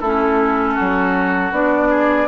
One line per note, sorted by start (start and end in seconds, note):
0.00 0.78 A3
0.00 1.52 C#4
0.00 0.74 E4
0.00 1.52 A4
0.74 1.51 F#3
0.74 1.88 F#4
1.51 2.27 B3
1.51 2.27 D4
1.51 2.27 D5
1.90 2.27 G#4